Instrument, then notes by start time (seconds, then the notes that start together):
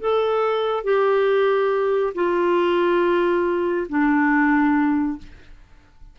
clarinet
0.00 A4
0.84 G4
2.15 F4
3.89 D4